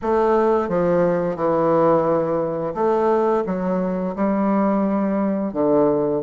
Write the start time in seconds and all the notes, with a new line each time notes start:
0.02 A3
0.68 F3
1.36 E3
2.74 A3
3.46 F#3
4.15 G3
5.53 D3